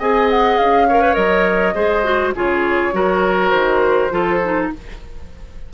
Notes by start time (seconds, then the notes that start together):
0.00 C4 G#4 D#5 G#5
0.30 F#5
0.58 C#4 F5
0.88 A#4 C#5
1.02 B4
1.14 F#3 A#4 D#5
1.75 G#3 G#4 C5
2.04 F#4
2.36 C#3 F4 G#4 C#5
2.93 F#3 F#4 A#4
3.50 D#3 C5
4.11 F3 F4 A4
4.45 D#4